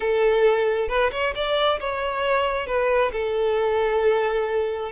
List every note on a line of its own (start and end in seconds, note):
0.00 0.88 A4
0.88 1.10 B4
1.11 1.34 C#5
1.35 1.79 D5
1.80 2.66 C#5
2.66 3.11 B4
3.12 4.91 A4